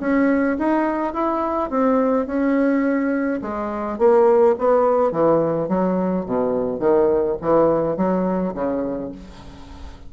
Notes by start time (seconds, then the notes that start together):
0.00 C#4
0.58 D#4
1.14 E4
1.70 C4
2.26 C#4
3.42 G#3
3.98 A#3
4.58 B3
5.11 E3
5.69 F#3
6.26 B2
6.80 D#3
7.41 E3
7.97 F#3
8.54 C#3